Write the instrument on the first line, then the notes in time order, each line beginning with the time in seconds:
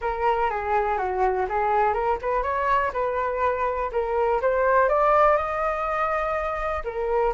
flute
0.01 A#4
0.50 G#4
0.97 F#4
1.48 G#4
1.93 A#4
2.21 B4
2.43 C#5
2.93 B4
3.92 A#4
4.41 C5
4.88 D5
5.37 D#5
6.84 A#4